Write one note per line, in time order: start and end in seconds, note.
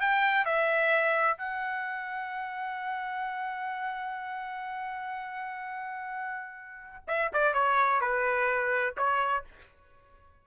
0.00 0.45 G5
0.45 1.37 E5
1.37 7.04 F#5
7.07 7.31 E5
7.33 7.53 D5
7.53 8.00 C#5
8.00 8.95 B4
8.97 9.44 C#5